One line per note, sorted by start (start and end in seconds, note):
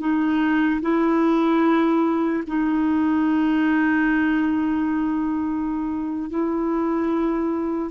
0.00 0.81 D#4
0.82 2.44 E4
2.48 6.30 D#4
6.30 7.91 E4